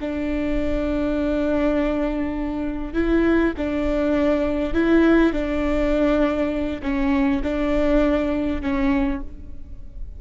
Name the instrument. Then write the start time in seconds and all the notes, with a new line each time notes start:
viola
0.00 D4
2.94 E4
3.57 D4
4.73 E4
5.33 D4
6.82 C#4
7.43 D4
8.61 C#4